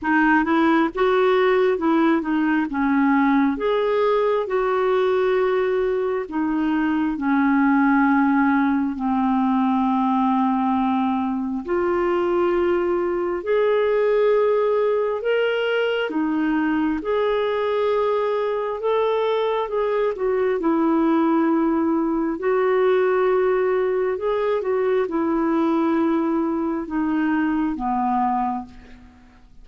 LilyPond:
\new Staff \with { instrumentName = "clarinet" } { \time 4/4 \tempo 4 = 67 dis'8 e'8 fis'4 e'8 dis'8 cis'4 | gis'4 fis'2 dis'4 | cis'2 c'2~ | c'4 f'2 gis'4~ |
gis'4 ais'4 dis'4 gis'4~ | gis'4 a'4 gis'8 fis'8 e'4~ | e'4 fis'2 gis'8 fis'8 | e'2 dis'4 b4 | }